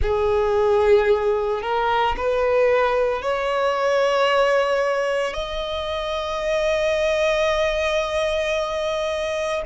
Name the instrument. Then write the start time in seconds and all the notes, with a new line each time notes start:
violin
0.02 G#4
1.62 A#4
2.16 B4
3.21 C#5
5.33 D#5